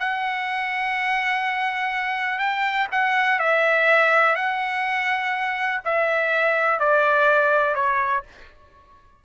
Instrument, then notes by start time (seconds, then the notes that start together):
trumpet
0.00 F#5
2.39 G5
2.92 F#5
3.40 E5
4.36 F#5
5.85 E5
6.80 D5
7.75 C#5